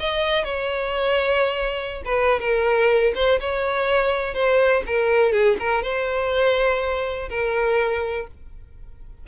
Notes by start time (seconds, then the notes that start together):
0.00 D#5
0.44 C#5
2.05 B4
2.40 A#4
3.15 C5
3.40 C#5
4.34 C5
4.86 A#4
5.32 G#4
5.59 A#4
5.82 C5
7.29 A#4